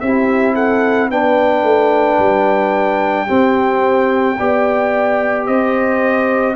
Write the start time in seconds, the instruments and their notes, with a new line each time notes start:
0.00 tuba C4, trombone E4, horn G4, trumpet E5
0.54 horn A4, trumpet F#5
1.10 tuba B3, trombone D4, horn B4, trumpet G5
1.63 tuba A3
2.18 tuba G3
3.26 trombone C4, tuba C4, horn G4
4.38 tuba B3, trombone G4, horn D5
5.46 tuba C4, horn C5, trumpet D#5